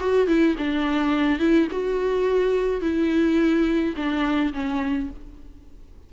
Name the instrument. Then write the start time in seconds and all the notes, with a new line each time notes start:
viola
0.00 F#4
0.27 E4
0.58 D4
1.39 E4
1.71 F#4
2.81 E4
3.96 D4
4.53 C#4